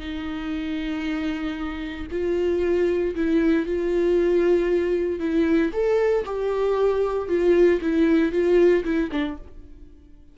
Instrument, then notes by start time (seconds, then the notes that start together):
viola
0.00 D#4
2.12 F4
3.16 E4
3.66 F4
5.20 E4
5.73 A4
6.25 G4
7.29 F4
7.82 E4
8.32 F4
8.84 E4
9.12 D4